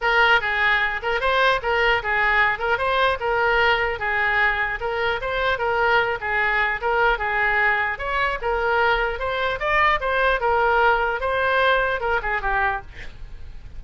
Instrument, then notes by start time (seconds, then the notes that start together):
oboe
0.01 A#4
0.40 G#4
1.02 A#4
1.20 C5
1.62 A#4
2.02 G#4
2.59 A#4
2.78 C5
3.19 A#4
3.99 G#4
4.80 A#4
5.21 C5
5.58 A#4
6.20 G#4
6.81 A#4
7.18 G#4
7.98 C#5
8.41 A#4
9.19 C5
9.59 D5
10.00 C5
10.40 A#4
11.20 C5
12.00 A#4
12.22 G#4
12.41 G4